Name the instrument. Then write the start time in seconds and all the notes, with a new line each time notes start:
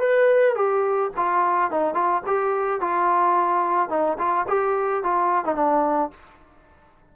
trombone
0.00 B4
0.55 G4
1.16 F4
1.71 D#4
1.94 F4
2.27 G4
2.81 F4
3.89 D#4
4.18 F4
4.48 G4
5.03 F4
5.45 D#4
5.55 D4